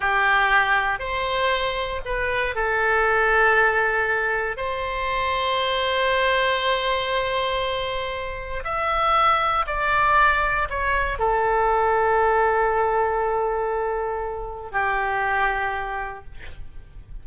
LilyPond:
\new Staff \with { instrumentName = "oboe" } { \time 4/4 \tempo 4 = 118 g'2 c''2 | b'4 a'2.~ | a'4 c''2.~ | c''1~ |
c''4 e''2 d''4~ | d''4 cis''4 a'2~ | a'1~ | a'4 g'2. | }